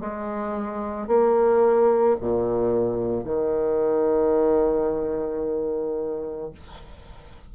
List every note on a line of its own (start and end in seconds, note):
0.00 1.07 G#3
1.07 2.16 A#3
2.20 3.24 A#2
3.24 6.51 D#3